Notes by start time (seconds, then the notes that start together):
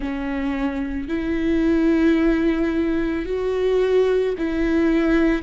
0.00 C#4
1.08 E4
3.25 F#4
4.37 E4